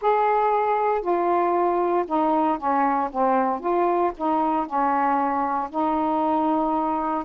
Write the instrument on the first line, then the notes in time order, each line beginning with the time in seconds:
saxophone
0.01 G#4
1.01 F4
2.07 D#4
2.57 C#4
3.11 C4
3.60 F4
4.17 D#4
4.66 C#4
5.70 D#4